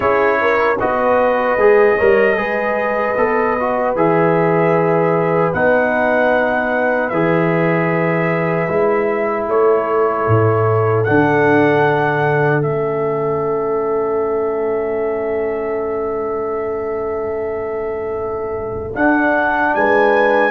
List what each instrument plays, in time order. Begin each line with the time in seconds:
0.00 tuba C#4, trombone E4, horn G#4, trumpet C#5
0.41 horn A#4
0.79 tuba B3, trombone F#4, horn B4, trumpet D#5
1.56 tuba G#3, trombone G#4
1.97 tuba G3, trombone A#4, horn C#5
2.36 tuba G#3, trombone G#4, horn B4
3.16 tuba B3, trombone A4
3.59 trombone F#4
3.95 tuba E3, trombone G#4, trumpet E5
5.53 tuba B3, trombone D#4, trumpet F#5
7.09 tuba E3, trombone G#4, trumpet E5
8.68 tuba G#3, trombone E4
9.47 tuba A3, horn A4, trumpet C#5
10.27 tuba A2
11.04 tuba D3, trombone D4, trumpet F#5
12.62 tuba A3, trombone C#4, trumpet E5
18.94 tuba D4, trombone D4, trumpet F#5
19.75 tuba G#3, horn B4, trumpet G#5